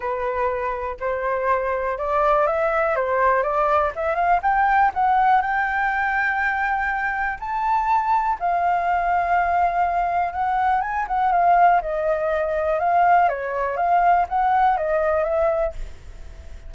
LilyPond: \new Staff \with { instrumentName = "flute" } { \time 4/4 \tempo 4 = 122 b'2 c''2 | d''4 e''4 c''4 d''4 | e''8 f''8 g''4 fis''4 g''4~ | g''2. a''4~ |
a''4 f''2.~ | f''4 fis''4 gis''8 fis''8 f''4 | dis''2 f''4 cis''4 | f''4 fis''4 dis''4 e''4 | }